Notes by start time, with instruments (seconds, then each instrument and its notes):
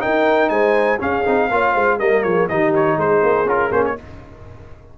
0.00 trombone D#4, tuba D#4, horn A#4, trumpet G5
0.50 tuba G#3, horn C5, trumpet G#5
1.00 trombone C#4, tuba C#4, horn G#4, trumpet F5
1.25 tuba C4, trombone D#4
1.51 tuba A#3, trombone F4, horn C#5
1.73 tuba G#3, horn C5
1.99 tuba G3, trombone A#3, horn A#4, trumpet D#5
2.23 tuba F3, horn G#4, trumpet C#5
2.49 tuba D#3, trombone D#4, horn G4, trumpet D#5
2.75 trumpet C#5
2.97 tuba G#3, horn G#4, trumpet C5
3.23 tuba A#3
3.46 tuba C#4, trombone F4, trumpet A#4
3.72 tuba A#3, trombone C#4, trumpet C5
3.86 trumpet C#5